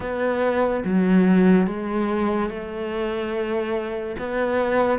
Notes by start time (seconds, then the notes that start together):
0.00 B3
0.84 F#3
1.67 G#3
2.49 A3
4.19 B3